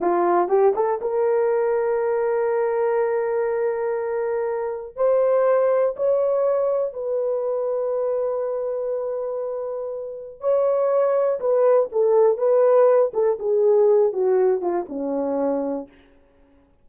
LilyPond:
\new Staff \with { instrumentName = "horn" } { \time 4/4 \tempo 4 = 121 f'4 g'8 a'8 ais'2~ | ais'1~ | ais'2 c''2 | cis''2 b'2~ |
b'1~ | b'4 cis''2 b'4 | a'4 b'4. a'8 gis'4~ | gis'8 fis'4 f'8 cis'2 | }